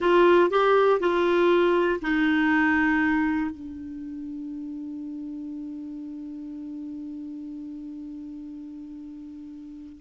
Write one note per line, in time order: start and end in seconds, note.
0.00 0.50 F4
0.50 1.00 G4
1.00 2.00 F4
2.01 3.50 D#4
3.50 10.00 D4